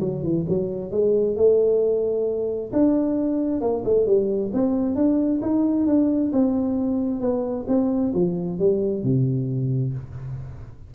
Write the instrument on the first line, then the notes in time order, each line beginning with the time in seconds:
tuba
0.00 F#3
0.23 E3
0.48 F#3
0.91 G#3
1.36 A3
2.72 D4
3.61 A#3
3.84 A3
4.06 G3
4.53 C4
4.95 D4
5.42 D#4
5.86 D4
6.32 C4
7.20 B3
7.67 C4
8.13 F3
8.59 G3
9.03 C3